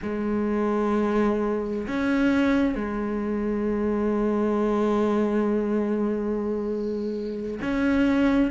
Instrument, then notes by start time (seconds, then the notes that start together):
cello
0.02 G#3
1.87 C#4
2.75 G#3
7.61 C#4